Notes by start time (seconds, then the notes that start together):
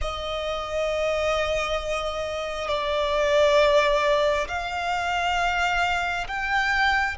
0.01 D#5
2.68 D5
4.48 F5
6.27 G5